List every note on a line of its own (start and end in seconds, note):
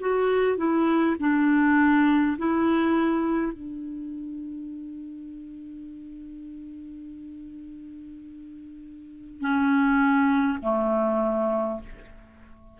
0.00 0.57 F#4
0.57 1.16 E4
1.20 2.37 D4
2.38 3.52 E4
3.52 9.41 D4
9.41 10.58 C#4
10.62 11.80 A3